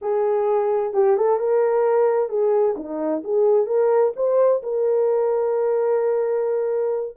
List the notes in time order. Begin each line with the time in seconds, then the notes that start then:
0.01 G#4
0.93 G4
1.16 A4
1.39 A#4
2.29 G#4
2.76 D#4
3.24 G#4
3.66 A#4
4.16 C5
4.63 A#4